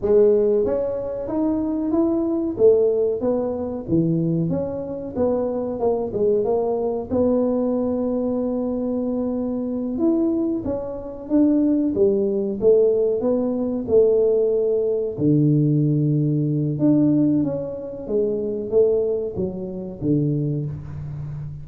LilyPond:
\new Staff \with { instrumentName = "tuba" } { \time 4/4 \tempo 4 = 93 gis4 cis'4 dis'4 e'4 | a4 b4 e4 cis'4 | b4 ais8 gis8 ais4 b4~ | b2.~ b8 e'8~ |
e'8 cis'4 d'4 g4 a8~ | a8 b4 a2 d8~ | d2 d'4 cis'4 | gis4 a4 fis4 d4 | }